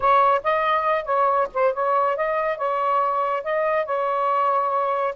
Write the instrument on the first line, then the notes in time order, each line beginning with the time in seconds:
saxophone
0.00 C#5
0.43 D#5
1.04 C#5
1.53 C5
1.73 C#5
2.16 D#5
2.57 C#5
3.43 D#5
3.85 C#5